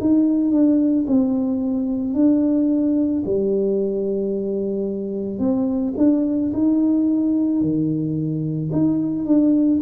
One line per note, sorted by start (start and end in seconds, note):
0.00 0.51 D#4
0.51 1.06 D4
1.07 2.14 C4
2.14 3.23 D4
3.25 5.39 G3
5.39 5.94 C4
5.97 6.52 D4
6.53 7.61 D#4
7.61 8.70 D#3
8.72 9.25 D#4
9.25 9.80 D4